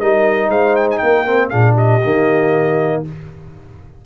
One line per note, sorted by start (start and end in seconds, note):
0.00 0.49 G3
0.00 1.26 D#4
0.00 0.49 A#4
0.00 0.50 D#5
0.49 0.99 G#3
0.49 1.00 C5
0.49 0.76 F5
0.76 0.88 G5
0.91 0.98 G#5
0.98 1.53 A#3
0.98 1.50 A#4
0.98 1.48 G5
1.26 1.51 C4
1.49 2.04 A#2
1.49 2.01 D4
1.49 1.73 G#4
1.49 1.75 F5
1.73 2.99 G4
1.73 3.03 D#5
2.04 3.06 D#3
2.04 3.05 A#3